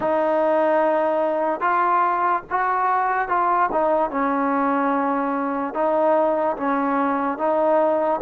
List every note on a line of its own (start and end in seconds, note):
0.00 1.60 D#4
1.60 2.42 F4
2.50 3.28 F#4
3.28 3.69 F4
3.72 4.10 D#4
4.10 5.73 C#4
5.73 6.56 D#4
6.56 7.37 C#4
7.37 8.20 D#4